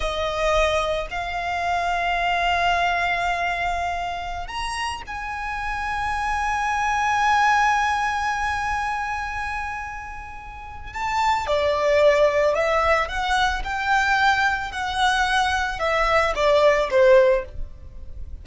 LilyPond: \new Staff \with { instrumentName = "violin" } { \time 4/4 \tempo 4 = 110 dis''2 f''2~ | f''1~ | f''16 ais''4 gis''2~ gis''8.~ | gis''1~ |
gis''1 | a''4 d''2 e''4 | fis''4 g''2 fis''4~ | fis''4 e''4 d''4 c''4 | }